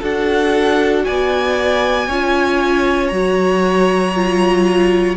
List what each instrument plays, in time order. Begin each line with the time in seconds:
0.00 cello D4, viola F#4, violin A4 F#5
1.04 cello B3, violin D5 G#5
2.07 cello C#4, viola F4, violin C#5
3.08 cello F#3, viola F#4, violin A#5
4.15 viola F4